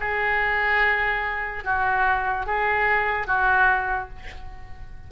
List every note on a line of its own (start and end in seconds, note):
0.00 1.64 G#4
1.64 2.46 F#4
2.46 3.27 G#4
3.27 4.09 F#4